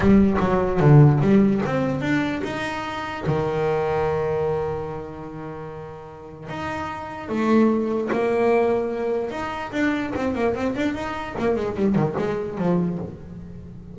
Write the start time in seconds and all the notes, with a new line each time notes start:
0.00 G3
0.39 F#3
0.79 D3
1.21 G3
1.65 C4
2.01 D4
2.43 D#4
3.26 D#3
6.49 D#4
7.28 A3
8.12 A#3
9.30 D#4
9.72 D4
10.15 C4
10.35 A#3
10.54 C4
10.75 D4
10.94 D#4
11.38 A#3
11.56 G#3
11.76 G3
11.95 D#3
12.18 G#3
12.57 F3